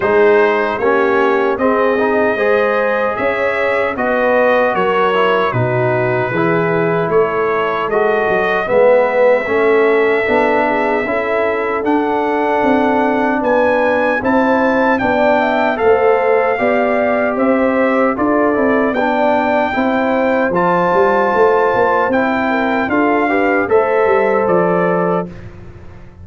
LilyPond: <<
  \new Staff \with { instrumentName = "trumpet" } { \time 4/4 \tempo 4 = 76 c''4 cis''4 dis''2 | e''4 dis''4 cis''4 b'4~ | b'4 cis''4 dis''4 e''4~ | e''2. fis''4~ |
fis''4 gis''4 a''4 g''4 | f''2 e''4 d''4 | g''2 a''2 | g''4 f''4 e''4 d''4 | }
  \new Staff \with { instrumentName = "horn" } { \time 4/4 gis'4 g'4 gis'4 c''4 | cis''4 b'4 ais'4 fis'4 | gis'4 a'2 b'4 | a'4. gis'8 a'2~ |
a'4 b'4 c''4 d''8 e''8 | c''4 d''4 c''4 a'4 | d''4 c''2.~ | c''8 ais'8 a'8 b'8 c''2 | }
  \new Staff \with { instrumentName = "trombone" } { \time 4/4 dis'4 cis'4 c'8 dis'8 gis'4~ | gis'4 fis'4. e'8 dis'4 | e'2 fis'4 b4 | cis'4 d'4 e'4 d'4~ |
d'2 e'4 d'4 | a'4 g'2 f'8 e'8 | d'4 e'4 f'2 | e'4 f'8 g'8 a'2 | }
  \new Staff \with { instrumentName = "tuba" } { \time 4/4 gis4 ais4 c'4 gis4 | cis'4 b4 fis4 b,4 | e4 a4 gis8 fis8 gis4 | a4 b4 cis'4 d'4 |
c'4 b4 c'4 b4 | a4 b4 c'4 d'8 c'8 | b4 c'4 f8 g8 a8 ais8 | c'4 d'4 a8 g8 f4 | }
>>